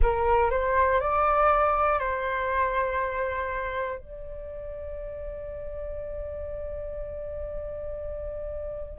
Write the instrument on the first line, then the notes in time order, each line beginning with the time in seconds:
flute
0.02 A#4
0.50 C5
1.00 D5
1.99 C5
3.98 D5